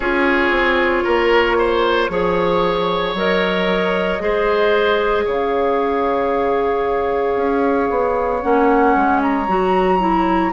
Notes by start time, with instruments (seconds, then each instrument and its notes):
0.00 bassoon C#4, clarinet F4, oboe G#4, flute C#5
0.50 bassoon C4
1.04 bassoon A#3, oboe A#4
1.58 oboe C5
2.09 bassoon F3, clarinet G#4, oboe C#5
3.14 bassoon F#3, clarinet A#4, flute D#5
4.19 bassoon G#3, clarinet G#4, oboe C5
5.25 bassoon C#3, oboe C#5, flute F5
7.36 bassoon C#4
7.90 bassoon B3
8.41 bassoon A#3, clarinet C#4, flute F#5
8.95 bassoon G#3
9.21 flute A#5
9.47 bassoon F#3, clarinet F#4
9.99 clarinet E4